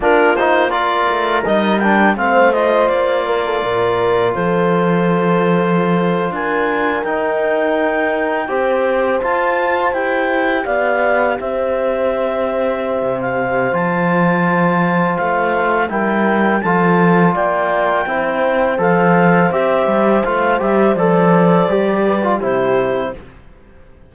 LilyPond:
<<
  \new Staff \with { instrumentName = "clarinet" } { \time 4/4 \tempo 4 = 83 ais'8 c''8 d''4 dis''8 g''8 f''8 dis''8 | d''2 c''2~ | c''8. gis''4 g''2~ g''16~ | g''8. a''4 g''4 f''4 e''16~ |
e''2~ e''16 f''8. a''4~ | a''4 f''4 g''4 a''4 | g''2 f''4 e''4 | f''8 e''8 d''2 c''4 | }
  \new Staff \with { instrumentName = "horn" } { \time 4/4 f'4 ais'2 c''4~ | c''8 ais'16 a'16 ais'4 a'2~ | a'8. ais'2. c''16~ | c''2~ c''8. d''4 c''16~ |
c''1~ | c''2 ais'4 a'4 | d''4 c''2.~ | c''2~ c''8 b'8 g'4 | }
  \new Staff \with { instrumentName = "trombone" } { \time 4/4 d'8 dis'8 f'4 dis'8 d'8 c'8 f'8~ | f'1~ | f'4.~ f'16 dis'2 g'16~ | g'8. f'4 g'2~ g'16~ |
g'2. f'4~ | f'2 e'4 f'4~ | f'4 e'4 a'4 g'4 | f'8 g'8 a'4 g'8. f'16 e'4 | }
  \new Staff \with { instrumentName = "cello" } { \time 4/4 ais4. a8 g4 a4 | ais4 ais,4 f2~ | f8. d'4 dis'2 c'16~ | c'8. f'4 e'4 b4 c'16~ |
c'2 c4 f4~ | f4 a4 g4 f4 | ais4 c'4 f4 c'8 g8 | a8 g8 f4 g4 c4 | }
>>